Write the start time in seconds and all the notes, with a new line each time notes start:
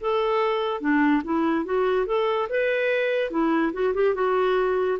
0.00 A4
0.80 D4
1.24 E4
1.65 F#4
2.06 A4
2.49 B4
3.30 E4
3.73 F#4
3.94 G4
4.14 F#4